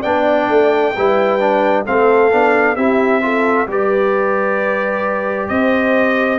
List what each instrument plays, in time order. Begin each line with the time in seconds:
0.00 tuba B3, trombone D4, horn D5, trumpet G5
0.48 tuba A3
0.96 tuba G3, trombone E4, horn B4
1.39 trombone D4
1.85 tuba A3, trombone C4, horn A4, trumpet F5
2.31 tuba B3, trombone D4
2.76 tuba C4, trombone E4, horn G4, trumpet E5
3.21 trombone F4, horn A4
3.67 tuba G3, trombone G4, horn B4, trumpet D5
5.48 tuba C4, horn C5, trumpet D#5